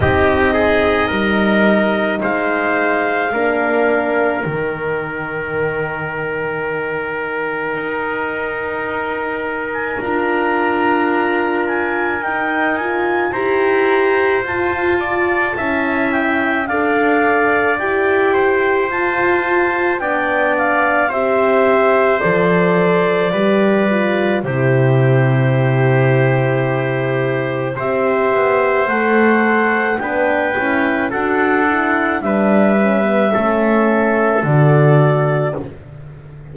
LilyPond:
<<
  \new Staff \with { instrumentName = "clarinet" } { \time 4/4 \tempo 4 = 54 dis''2 f''2 | g''1~ | g''8. gis''16 ais''4. gis''8 g''8 gis''8 | ais''4 a''4. g''8 f''4 |
g''4 a''4 g''8 f''8 e''4 | d''2 c''2~ | c''4 e''4 fis''4 g''4 | fis''4 e''2 d''4 | }
  \new Staff \with { instrumentName = "trumpet" } { \time 4/4 g'8 gis'8 ais'4 c''4 ais'4~ | ais'1~ | ais'1 | c''4. d''8 e''4 d''4~ |
d''8 c''4. d''4 c''4~ | c''4 b'4 g'2~ | g'4 c''2 b'4 | a'4 b'4 a'2 | }
  \new Staff \with { instrumentName = "horn" } { \time 4/4 dis'2. d'4 | dis'1~ | dis'4 f'2 dis'8 f'8 | g'4 f'4 e'4 a'4 |
g'4 f'4 d'4 g'4 | a'4 g'8 f'8 e'2~ | e'4 g'4 a'4 d'8 e'8 | fis'8 e'8 d'8 cis'16 b16 cis'4 fis'4 | }
  \new Staff \with { instrumentName = "double bass" } { \time 4/4 c'4 g4 gis4 ais4 | dis2. dis'4~ | dis'4 d'2 dis'4 | e'4 f'4 cis'4 d'4 |
e'4 f'4 b4 c'4 | f4 g4 c2~ | c4 c'8 b8 a4 b8 cis'8 | d'4 g4 a4 d4 | }
>>